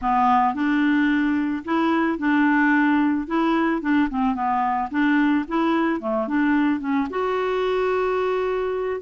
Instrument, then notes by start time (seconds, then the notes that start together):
clarinet
0.01 B3
0.54 D4
1.65 E4
2.18 D4
3.27 E4
3.81 D4
4.10 C4
4.34 B3
4.90 D4
5.47 E4
6.00 A3
6.27 D4
6.80 C#4
7.10 F#4